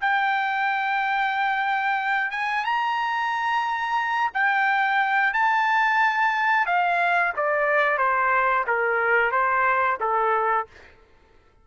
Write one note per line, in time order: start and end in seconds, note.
0.00 2.31 G5
2.31 2.64 G#5
2.64 4.31 A#5
4.33 5.33 G5
5.33 6.66 A5
6.66 7.33 F5
7.36 7.98 D5
7.98 8.64 C5
8.67 9.31 A#4
9.31 9.98 C5
10.00 10.67 A4